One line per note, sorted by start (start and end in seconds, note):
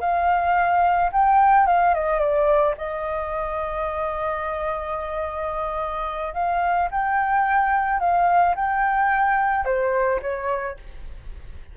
0.00 1.10 F5
1.12 1.67 G5
1.67 1.94 F5
1.94 2.19 D#5
2.19 2.74 D5
2.77 6.34 D#5
6.34 6.89 F5
6.91 8.00 G5
8.00 8.55 F5
8.56 9.65 G5
9.65 10.20 C5
10.22 10.77 C#5